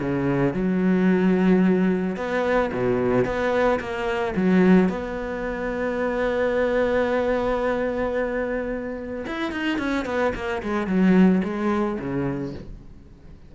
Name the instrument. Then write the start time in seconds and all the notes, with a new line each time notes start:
cello
0.00 C#3
0.54 F#3
2.16 B3
2.73 B2
3.25 B3
3.80 A#3
4.36 F#3
4.89 B3
9.27 E4
9.52 D#4
9.78 C#4
10.06 B3
10.35 A#3
10.63 G#3
10.87 F#3
11.44 G#3
12.00 C#3